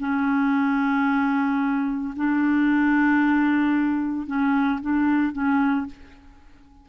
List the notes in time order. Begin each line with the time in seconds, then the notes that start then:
0.00 C#4
2.16 D4
4.27 C#4
4.81 D4
5.33 C#4